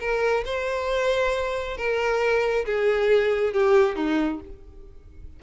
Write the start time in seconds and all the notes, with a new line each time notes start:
0.00 A#4
0.46 C5
1.77 A#4
2.66 G#4
3.54 G4
3.96 D#4